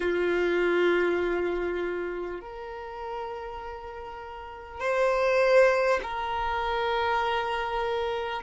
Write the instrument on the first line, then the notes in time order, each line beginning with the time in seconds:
violin
0.00 F4
2.40 A#4
4.79 C5
6.02 A#4